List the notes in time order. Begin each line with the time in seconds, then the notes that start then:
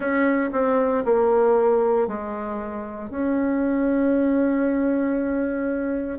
0.00 C#4
0.52 C4
1.04 A#3
2.07 G#3
3.10 C#4